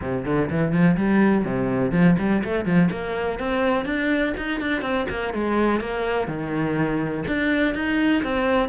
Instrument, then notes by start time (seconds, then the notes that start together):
cello
0.01 C3
0.25 D3
0.50 E3
0.72 F3
0.96 G3
1.44 C3
1.91 F3
2.18 G3
2.43 A3
2.65 F3
2.90 A#3
3.39 C4
3.85 D4
4.37 D#4
4.60 D4
4.81 C4
5.09 A#3
5.33 G#3
5.80 A#3
6.27 D#3
7.27 D4
7.74 D#4
8.23 C4